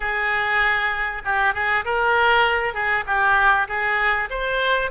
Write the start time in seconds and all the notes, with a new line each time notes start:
0.00 G#4
1.24 G4
1.53 G#4
1.85 A#4
2.74 G#4
3.06 G4
3.68 G#4
4.30 C5